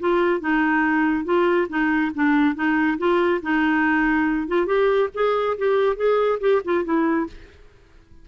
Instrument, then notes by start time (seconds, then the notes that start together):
clarinet
0.00 F4
0.40 D#4
1.25 F4
1.69 D#4
2.15 D4
2.55 D#4
2.98 F4
3.42 D#4
4.48 F4
4.66 G4
5.14 G#4
5.58 G4
5.96 G#4
6.40 G4
6.65 F4
6.85 E4